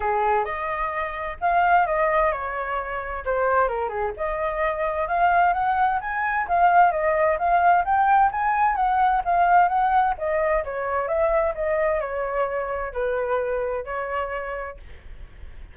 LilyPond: \new Staff \with { instrumentName = "flute" } { \time 4/4 \tempo 4 = 130 gis'4 dis''2 f''4 | dis''4 cis''2 c''4 | ais'8 gis'8 dis''2 f''4 | fis''4 gis''4 f''4 dis''4 |
f''4 g''4 gis''4 fis''4 | f''4 fis''4 dis''4 cis''4 | e''4 dis''4 cis''2 | b'2 cis''2 | }